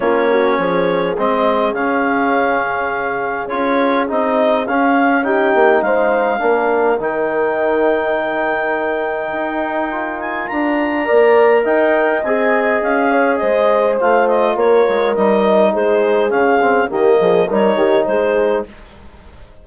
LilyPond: <<
  \new Staff \with { instrumentName = "clarinet" } { \time 4/4 \tempo 4 = 103 cis''2 dis''4 f''4~ | f''2 cis''4 dis''4 | f''4 g''4 f''2 | g''1~ |
g''4. gis''8 ais''2 | g''4 gis''4 f''4 dis''4 | f''8 dis''8 cis''4 dis''4 c''4 | f''4 dis''4 cis''4 c''4 | }
  \new Staff \with { instrumentName = "horn" } { \time 4/4 f'8 fis'8 gis'2.~ | gis'1~ | gis'4 g'4 c''4 ais'4~ | ais'1~ |
ais'2. d''4 | dis''2~ dis''8 cis''8 c''4~ | c''4 ais'2 gis'4~ | gis'4 g'8 gis'8 ais'8 g'8 gis'4 | }
  \new Staff \with { instrumentName = "trombone" } { \time 4/4 cis'2 c'4 cis'4~ | cis'2 f'4 dis'4 | cis'4 dis'2 d'4 | dis'1~ |
dis'4 f'2 ais'4~ | ais'4 gis'2. | f'2 dis'2 | cis'8 c'8 ais4 dis'2 | }
  \new Staff \with { instrumentName = "bassoon" } { \time 4/4 ais4 f4 gis4 cis4~ | cis2 cis'4 c'4 | cis'4. ais8 gis4 ais4 | dis1 |
dis'2 d'4 ais4 | dis'4 c'4 cis'4 gis4 | a4 ais8 gis8 g4 gis4 | cis4 dis8 f8 g8 dis8 gis4 | }
>>